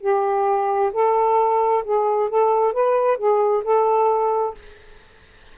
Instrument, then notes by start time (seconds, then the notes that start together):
saxophone
0.00 G4
0.93 A4
1.84 G#4
2.29 A4
2.73 B4
3.17 G#4
3.63 A4